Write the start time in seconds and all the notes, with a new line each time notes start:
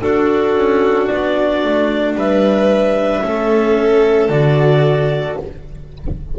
0.00 D4 F#4 A4
0.56 C#4
1.07 B3 D5
1.64 A3
2.15 G3 B4 E5
3.22 A3 C#4 A4
4.29 D3 F#4 D5